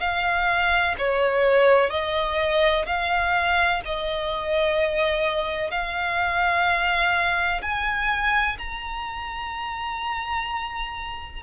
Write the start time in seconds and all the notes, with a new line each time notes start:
0.00 F5
0.98 C#5
1.90 D#5
2.86 F5
3.85 D#5
5.71 F5
7.62 G#5
8.58 A#5